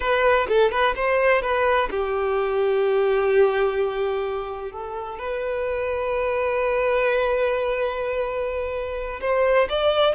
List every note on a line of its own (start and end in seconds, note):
0.00 0.47 B4
0.48 0.71 A4
0.71 0.94 B4
0.95 1.42 C5
1.42 1.89 B4
1.90 4.71 G4
4.71 5.18 A4
5.18 9.20 B4
9.21 9.68 C5
9.69 10.15 D5